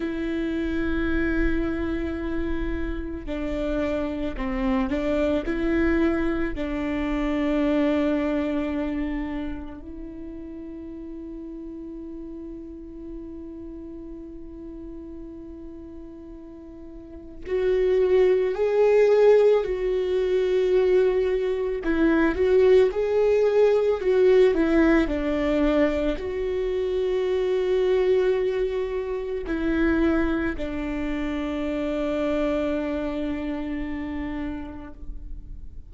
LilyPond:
\new Staff \with { instrumentName = "viola" } { \time 4/4 \tempo 4 = 55 e'2. d'4 | c'8 d'8 e'4 d'2~ | d'4 e'2.~ | e'1 |
fis'4 gis'4 fis'2 | e'8 fis'8 gis'4 fis'8 e'8 d'4 | fis'2. e'4 | d'1 | }